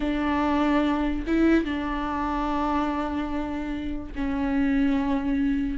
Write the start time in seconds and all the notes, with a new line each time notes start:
0.00 D4
1.26 E4
1.64 D4
4.15 C#4